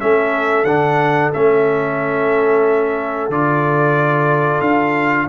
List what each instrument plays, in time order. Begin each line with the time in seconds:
0.00 tuba A3, trombone C#4, horn A4, trumpet E5
0.64 tuba D3, trombone D4, trumpet F#5
1.33 tuba A3, trombone C#4, trumpet E5
3.29 tuba D3, trombone F4, trumpet D5
4.61 tuba D4, trumpet F5